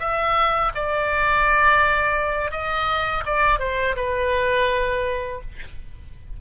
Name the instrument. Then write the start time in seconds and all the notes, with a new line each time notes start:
oboe
0.00 E5
0.75 D5
2.52 D#5
3.26 D5
3.60 C5
3.97 B4